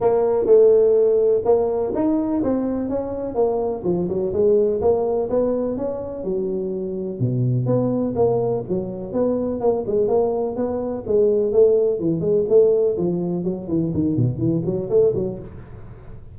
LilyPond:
\new Staff \with { instrumentName = "tuba" } { \time 4/4 \tempo 4 = 125 ais4 a2 ais4 | dis'4 c'4 cis'4 ais4 | f8 fis8 gis4 ais4 b4 | cis'4 fis2 b,4 |
b4 ais4 fis4 b4 | ais8 gis8 ais4 b4 gis4 | a4 e8 gis8 a4 f4 | fis8 e8 dis8 b,8 e8 fis8 a8 fis8 | }